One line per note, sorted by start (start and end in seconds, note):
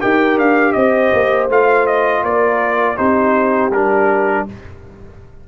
0.00 0.38 D#4
0.00 1.49 G4
0.00 0.74 A#4
0.00 0.39 G5
0.38 0.75 D4
0.38 0.73 F5
0.73 1.13 C4
0.73 2.25 C5
0.73 1.47 D#5
1.13 1.49 A#3
1.49 2.23 A3
1.49 2.97 F4
1.49 1.87 F5
1.87 2.24 D#5
2.23 2.98 A#3
2.23 2.97 A#4
2.23 2.98 D5
2.97 3.71 C4
2.97 3.71 D#4
2.97 4.45 G4
2.97 3.72 C5
3.71 4.45 G3
3.71 4.49 D4
3.71 4.47 A#4